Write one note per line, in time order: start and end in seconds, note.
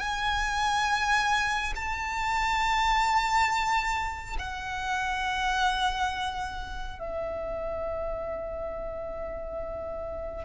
0.00 1.74 G#5
1.76 4.37 A5
4.39 6.99 F#5
6.99 10.45 E5